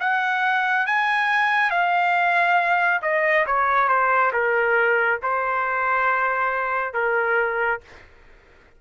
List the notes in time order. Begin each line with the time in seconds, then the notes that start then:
0.00 F#5
0.87 G#5
1.70 F5
3.02 D#5
3.46 C#5
3.88 C5
4.33 A#4
5.23 C5
6.94 A#4